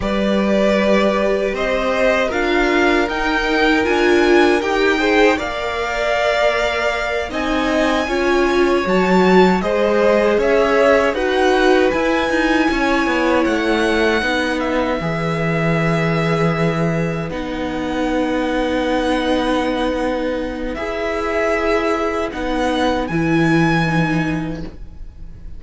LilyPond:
<<
  \new Staff \with { instrumentName = "violin" } { \time 4/4 \tempo 4 = 78 d''2 dis''4 f''4 | g''4 gis''4 g''4 f''4~ | f''4. gis''2 a''8~ | a''8 dis''4 e''4 fis''4 gis''8~ |
gis''4. fis''4. e''4~ | e''2~ e''8 fis''4.~ | fis''2. e''4~ | e''4 fis''4 gis''2 | }
  \new Staff \with { instrumentName = "violin" } { \time 4/4 b'2 c''4 ais'4~ | ais'2~ ais'8 c''8 d''4~ | d''4. dis''4 cis''4.~ | cis''8 c''4 cis''4 b'4.~ |
b'8 cis''2 b'4.~ | b'1~ | b'1~ | b'1 | }
  \new Staff \with { instrumentName = "viola" } { \time 4/4 g'2. f'4 | dis'4 f'4 g'8 gis'8 ais'4~ | ais'4. dis'4 f'4 fis'8~ | fis'8 gis'2 fis'4 e'8~ |
e'2~ e'8 dis'4 gis'8~ | gis'2~ gis'8 dis'4.~ | dis'2. gis'4~ | gis'4 dis'4 e'4 dis'4 | }
  \new Staff \with { instrumentName = "cello" } { \time 4/4 g2 c'4 d'4 | dis'4 d'4 dis'4 ais4~ | ais4. c'4 cis'4 fis8~ | fis8 gis4 cis'4 dis'4 e'8 |
dis'8 cis'8 b8 a4 b4 e8~ | e2~ e8 b4.~ | b2. e'4~ | e'4 b4 e2 | }
>>